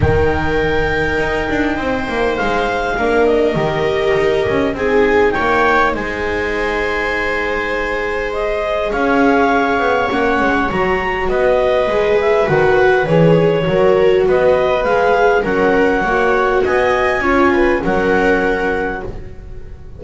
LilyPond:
<<
  \new Staff \with { instrumentName = "clarinet" } { \time 4/4 \tempo 4 = 101 g''1 | f''4. dis''2~ dis''8 | gis''4 g''4 gis''2~ | gis''2 dis''4 f''4~ |
f''4 fis''4 ais''4 dis''4~ | dis''8 e''8 fis''4 cis''2 | dis''4 f''4 fis''2 | gis''2 fis''2 | }
  \new Staff \with { instrumentName = "viola" } { \time 4/4 ais'2. c''4~ | c''4 ais'2. | gis'4 cis''4 c''2~ | c''2. cis''4~ |
cis''2. b'4~ | b'2. ais'4 | b'2 ais'4 cis''4 | dis''4 cis''8 b'8 ais'2 | }
  \new Staff \with { instrumentName = "viola" } { \time 4/4 dis'1~ | dis'4 d'4 g'2 | dis'1~ | dis'2 gis'2~ |
gis'4 cis'4 fis'2 | gis'4 fis'4 gis'4 fis'4~ | fis'4 gis'4 cis'4 fis'4~ | fis'4 f'4 cis'2 | }
  \new Staff \with { instrumentName = "double bass" } { \time 4/4 dis2 dis'8 d'8 c'8 ais8 | gis4 ais4 dis4 dis'8 cis'8 | c'4 ais4 gis2~ | gis2. cis'4~ |
cis'8 b8 ais8 gis8 fis4 b4 | gis4 dis4 e4 fis4 | b4 gis4 fis4 ais4 | b4 cis'4 fis2 | }
>>